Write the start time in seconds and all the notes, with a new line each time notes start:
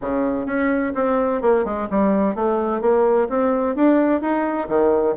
0.01 C#3
0.46 C#4
0.94 C4
1.41 A#3
1.64 G#3
1.90 G3
2.35 A3
2.81 A#3
3.29 C4
3.75 D4
4.21 D#4
4.68 D#3